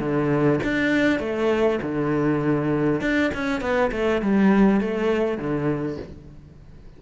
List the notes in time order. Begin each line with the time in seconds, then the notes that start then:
0.00 D3
0.64 D4
1.20 A3
1.83 D3
3.01 D4
3.34 C#4
3.61 B3
3.92 A3
4.22 G3
4.81 A3
5.38 D3